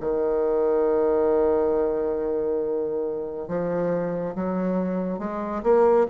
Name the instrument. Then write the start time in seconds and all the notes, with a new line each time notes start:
bassoon
0.00 D#3
3.47 F3
4.35 F#3
5.19 G#3
5.63 A#3